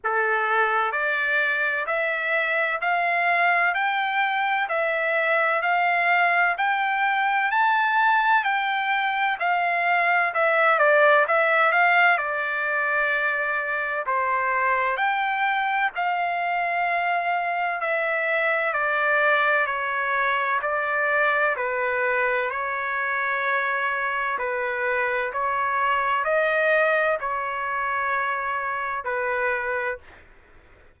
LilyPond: \new Staff \with { instrumentName = "trumpet" } { \time 4/4 \tempo 4 = 64 a'4 d''4 e''4 f''4 | g''4 e''4 f''4 g''4 | a''4 g''4 f''4 e''8 d''8 | e''8 f''8 d''2 c''4 |
g''4 f''2 e''4 | d''4 cis''4 d''4 b'4 | cis''2 b'4 cis''4 | dis''4 cis''2 b'4 | }